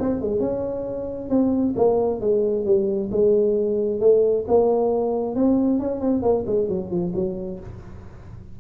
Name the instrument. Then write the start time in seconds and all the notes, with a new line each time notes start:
tuba
0.00 C4
0.21 G#3
0.40 C#4
1.30 C4
1.76 A#3
2.21 G#3
2.66 G3
3.12 G#3
4.01 A3
4.48 A#3
5.36 C4
5.80 C#4
6.01 C4
6.22 A#3
6.47 G#3
6.69 F#3
6.91 F3
7.15 F#3